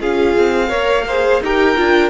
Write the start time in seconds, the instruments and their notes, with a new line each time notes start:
0.00 cello C#4, viola F4, violin G#4 F5
0.37 cello C4
0.69 cello A#3, viola A#4, violin C#5
1.08 viola G#4, violin C5
1.41 cello D#4, viola G4, violin A#4 G5
1.76 cello D4, viola F4